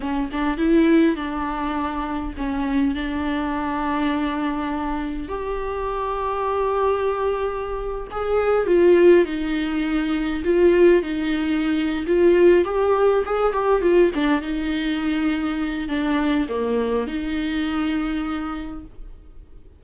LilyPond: \new Staff \with { instrumentName = "viola" } { \time 4/4 \tempo 4 = 102 cis'8 d'8 e'4 d'2 | cis'4 d'2.~ | d'4 g'2.~ | g'4.~ g'16 gis'4 f'4 dis'16~ |
dis'4.~ dis'16 f'4 dis'4~ dis'16~ | dis'8 f'4 g'4 gis'8 g'8 f'8 | d'8 dis'2~ dis'8 d'4 | ais4 dis'2. | }